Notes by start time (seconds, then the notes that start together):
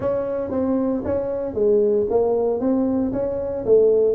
0.00 C#4
0.50 C4
1.05 C#4
1.54 G#3
2.10 A#3
2.59 C4
3.12 C#4
3.65 A3